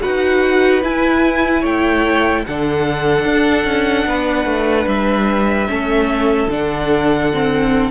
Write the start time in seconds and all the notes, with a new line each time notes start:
0.00 D#4 F#4 B4 F#5
0.83 E4 G#5
1.61 A3 C#5 G5
2.45 D3 D4 A4 F#5
3.25 D4
3.64 C#4
4.05 B3 B4
4.45 A3
4.87 G3 E5
5.68 A3 C#4 A4
6.47 D3 D4 F#5
7.33 C4